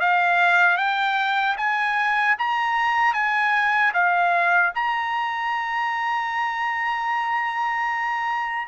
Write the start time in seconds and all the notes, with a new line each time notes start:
0.00 F5
0.77 G5
1.57 G#5
2.38 A#5
3.14 G#5
3.94 F5
4.75 A#5